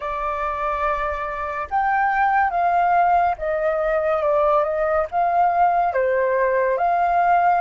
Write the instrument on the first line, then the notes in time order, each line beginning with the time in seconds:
flute
0.00 D5
1.70 G5
2.50 F5
3.38 D#5
4.22 D5
4.63 D#5
5.11 F5
5.93 C5
6.77 F5